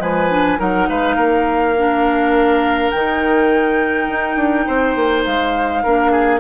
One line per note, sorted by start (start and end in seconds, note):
0.00 0.59 F3
0.00 0.29 G#3
0.00 0.60 B4
0.00 0.60 G#5
0.31 0.58 D4
0.58 0.88 F#3
0.58 1.75 D#4
0.58 0.89 A#4
0.58 0.90 F#5
0.89 1.17 G#3
0.89 1.17 B4
0.89 2.91 F5
1.17 2.91 A#3
1.17 4.66 A#4
1.78 2.95 D4
2.91 4.09 D#3
2.91 5.86 D#4
2.91 5.24 G5
4.09 4.37 D#4
4.37 4.66 D4
4.67 4.96 C4
4.67 5.83 C5
4.96 5.25 A#3
5.25 5.85 G#3
5.25 6.40 F5
5.83 6.40 A#3
5.83 6.40 D4
5.83 6.12 A#4
6.12 6.40 G#4